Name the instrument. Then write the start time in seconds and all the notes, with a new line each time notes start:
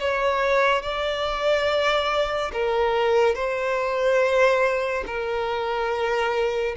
violin
0.00 C#5
0.83 D5
2.53 A#4
3.35 C5
5.07 A#4